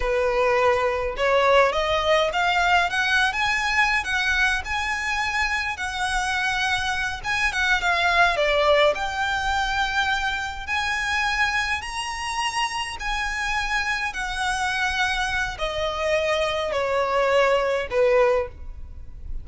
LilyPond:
\new Staff \with { instrumentName = "violin" } { \time 4/4 \tempo 4 = 104 b'2 cis''4 dis''4 | f''4 fis''8. gis''4~ gis''16 fis''4 | gis''2 fis''2~ | fis''8 gis''8 fis''8 f''4 d''4 g''8~ |
g''2~ g''8 gis''4.~ | gis''8 ais''2 gis''4.~ | gis''8 fis''2~ fis''8 dis''4~ | dis''4 cis''2 b'4 | }